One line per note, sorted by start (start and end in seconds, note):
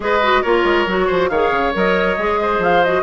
0.00 0.42 G#3
0.00 0.20 G#4
0.00 0.41 B4
0.00 0.42 D#5
0.23 0.44 F#4
0.41 0.64 A#3
0.41 0.87 F4
0.41 1.07 A#4
0.41 1.29 C#5
0.64 0.85 G#3
0.86 1.08 F#3
0.86 1.31 F#4
1.07 1.29 F3
1.07 1.28 C5
1.29 1.50 D#3
1.29 1.73 G#4
1.29 2.40 C#5
1.29 1.72 F5
1.50 1.72 C#3
1.73 2.17 F#3
1.73 2.17 A#4
1.73 2.63 D#5
2.17 2.58 G#3
2.17 2.83 G#4
2.41 3.02 C5
2.58 3.01 F3
2.58 2.84 F5
2.84 3.02 F#4
2.84 3.02 D#5